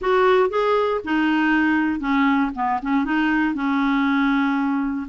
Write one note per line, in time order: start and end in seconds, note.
0.01 0.49 F#4
0.49 1.00 G#4
1.04 1.99 D#4
1.99 2.50 C#4
2.54 2.80 B3
2.82 3.05 C#4
3.05 3.54 D#4
3.54 5.07 C#4